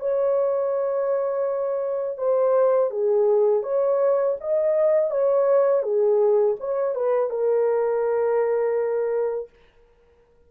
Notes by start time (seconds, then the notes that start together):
0.00 C#5
2.18 C5
2.91 G#4
3.63 C#5
4.41 D#5
5.11 C#5
5.83 G#4
6.60 C#5
6.95 B4
7.30 A#4